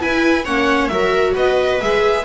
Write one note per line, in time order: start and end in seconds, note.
0.00 0.45 E4
0.00 0.47 E4
0.00 0.45 B4
0.00 0.45 G#5
0.45 0.90 A#3
0.45 0.91 C#4
0.45 0.89 C#5
0.45 0.88 F#5
0.88 1.34 F#3
0.88 1.80 F#4
0.88 1.34 A#4
0.88 1.33 E5
1.34 1.81 B3
1.34 2.24 B4
1.34 1.81 D#5
1.81 2.25 G#3
1.81 2.25 G#4
1.81 2.25 E5